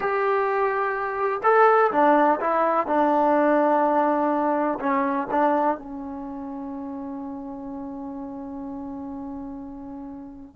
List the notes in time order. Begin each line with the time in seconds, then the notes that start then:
0.00 G4
1.43 A4
1.91 D4
2.40 E4
2.86 D4
4.79 C#4
5.30 D4
5.77 C#4